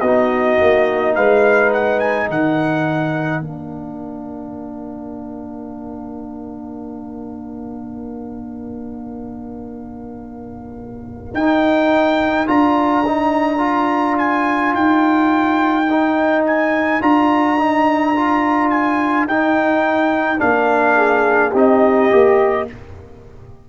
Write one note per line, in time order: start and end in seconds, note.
0.00 0.58 B3
0.00 3.42 D#4
0.00 1.14 F#4
0.00 1.13 D#5
0.60 1.16 A#3
1.15 2.29 G#3
1.15 2.28 B4
1.15 1.72 F5
1.73 1.99 F#5
1.99 2.28 G#5
2.28 3.40 D#3
2.28 20.96 A#4
2.28 3.42 F#5
3.40 11.32 A#3
3.40 11.34 D4
3.40 11.34 F5
11.33 12.47 D#4
11.33 12.47 G5
12.47 14.73 D4
12.47 13.03 F4
12.47 14.17 A#5
13.06 13.58 D#4
13.58 15.84 F4
14.18 14.74 G#5
14.73 17.00 D#4
14.73 16.44 G5
15.90 17.01 D#4
16.46 17.02 G#5
17.01 19.25 D4
17.01 17.58 F4
17.01 18.70 A#5
17.58 18.14 D#4
18.15 19.28 F4
18.70 19.26 G#5
19.25 20.38 D#4
19.25 20.37 D#4
19.25 20.40 G5
20.37 21.54 A#3
20.37 21.51 D4
20.37 21.53 F5
20.96 21.51 G#4
21.51 22.10 C4
21.51 22.10 D#4
21.51 22.65 G4
21.51 22.69 D#5
22.10 22.69 A#3
22.10 22.67 G4